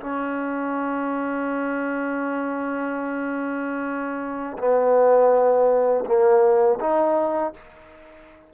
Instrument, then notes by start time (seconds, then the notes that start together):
trombone
0.00 C#4
4.58 B3
6.06 A#3
6.80 D#4